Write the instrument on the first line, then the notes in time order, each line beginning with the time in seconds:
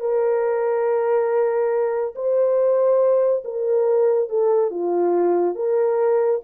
horn
0.00 A#4
2.15 C5
3.44 A#4
4.29 A4
4.71 F4
5.55 A#4